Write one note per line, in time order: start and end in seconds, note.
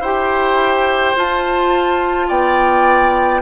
0.00 1.13 E4
0.00 1.16 G4
0.00 2.28 C5
0.00 1.17 G5
1.16 3.42 F4
1.16 2.30 F4
1.16 2.29 A5
2.28 3.42 B3
2.28 3.42 D5
2.28 3.42 G5